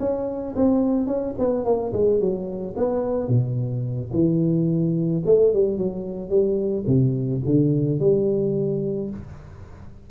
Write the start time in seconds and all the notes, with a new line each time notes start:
0.00 C#4
0.56 C4
1.07 C#4
1.39 B3
1.65 A#3
1.93 G#3
2.20 F#3
2.77 B3
3.29 B2
4.13 E3
5.26 A3
5.53 G3
5.78 F#3
6.30 G3
6.87 C3
7.46 D3
8.00 G3